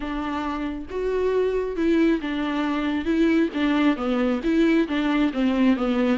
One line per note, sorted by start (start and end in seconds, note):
0.00 0.86 D4
0.90 1.76 F#4
1.76 2.20 E4
2.21 3.05 D4
3.05 3.49 E4
3.54 3.96 D4
3.96 4.40 B3
4.43 4.87 E4
4.87 5.32 D4
5.33 5.76 C4
5.76 6.17 B3